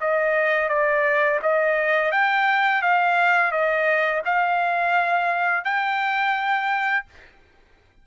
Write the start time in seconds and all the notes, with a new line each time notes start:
0.00 D#5
0.69 D5
1.42 D#5
2.11 G5
2.82 F5
3.51 D#5
4.25 F5
5.64 G5